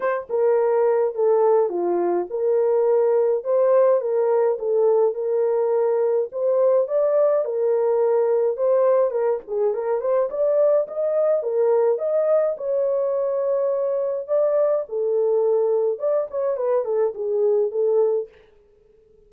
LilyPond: \new Staff \with { instrumentName = "horn" } { \time 4/4 \tempo 4 = 105 c''8 ais'4. a'4 f'4 | ais'2 c''4 ais'4 | a'4 ais'2 c''4 | d''4 ais'2 c''4 |
ais'8 gis'8 ais'8 c''8 d''4 dis''4 | ais'4 dis''4 cis''2~ | cis''4 d''4 a'2 | d''8 cis''8 b'8 a'8 gis'4 a'4 | }